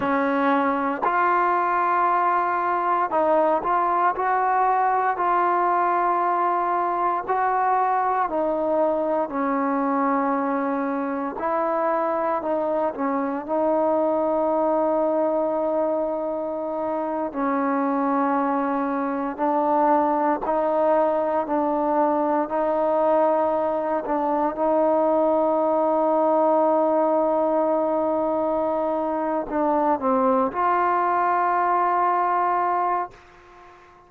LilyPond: \new Staff \with { instrumentName = "trombone" } { \time 4/4 \tempo 4 = 58 cis'4 f'2 dis'8 f'8 | fis'4 f'2 fis'4 | dis'4 cis'2 e'4 | dis'8 cis'8 dis'2.~ |
dis'8. cis'2 d'4 dis'16~ | dis'8. d'4 dis'4. d'8 dis'16~ | dis'1~ | dis'8 d'8 c'8 f'2~ f'8 | }